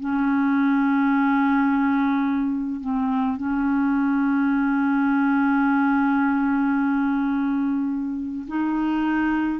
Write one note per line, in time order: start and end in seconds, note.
0.00 2.81 C#4
2.81 3.37 C4
3.37 8.46 C#4
8.48 9.60 D#4